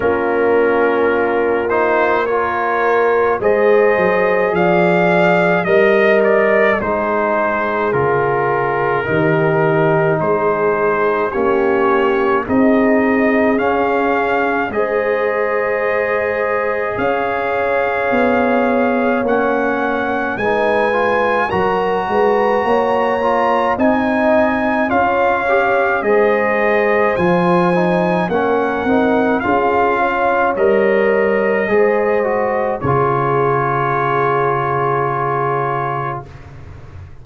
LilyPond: <<
  \new Staff \with { instrumentName = "trumpet" } { \time 4/4 \tempo 4 = 53 ais'4. c''8 cis''4 dis''4 | f''4 dis''8 d''8 c''4 ais'4~ | ais'4 c''4 cis''4 dis''4 | f''4 dis''2 f''4~ |
f''4 fis''4 gis''4 ais''4~ | ais''4 gis''4 f''4 dis''4 | gis''4 fis''4 f''4 dis''4~ | dis''4 cis''2. | }
  \new Staff \with { instrumentName = "horn" } { \time 4/4 f'2 ais'4 c''4 | d''4 dis''4 gis'2 | g'4 gis'4 g'4 gis'4~ | gis'4 c''2 cis''4~ |
cis''2 b'4 ais'8 b'8 | cis''4 dis''4 cis''4 c''4~ | c''4 ais'4 gis'8 cis''4. | c''4 gis'2. | }
  \new Staff \with { instrumentName = "trombone" } { \time 4/4 cis'4. dis'8 f'4 gis'4~ | gis'4 ais'4 dis'4 f'4 | dis'2 cis'4 dis'4 | cis'4 gis'2.~ |
gis'4 cis'4 dis'8 f'8 fis'4~ | fis'8 f'8 dis'4 f'8 g'8 gis'4 | f'8 dis'8 cis'8 dis'8 f'4 ais'4 | gis'8 fis'8 f'2. | }
  \new Staff \with { instrumentName = "tuba" } { \time 4/4 ais2. gis8 fis8 | f4 g4 gis4 cis4 | dis4 gis4 ais4 c'4 | cis'4 gis2 cis'4 |
b4 ais4 gis4 fis8 gis8 | ais4 c'4 cis'4 gis4 | f4 ais8 c'8 cis'4 g4 | gis4 cis2. | }
>>